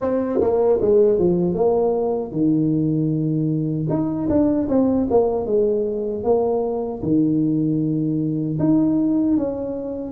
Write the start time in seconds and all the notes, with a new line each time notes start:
0.01 C4
0.40 A#3
0.81 G#3
1.18 F3
1.54 A#3
2.31 D#3
3.89 D#4
4.29 D4
4.68 C4
5.10 A#3
5.46 G#3
6.23 A#3
7.02 D#3
8.59 D#4
9.37 C#4